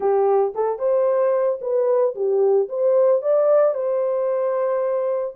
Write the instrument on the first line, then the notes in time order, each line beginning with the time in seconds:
horn
0.00 G4
0.54 A4
0.78 C5
1.61 B4
2.15 G4
2.69 C5
3.22 D5
3.74 C5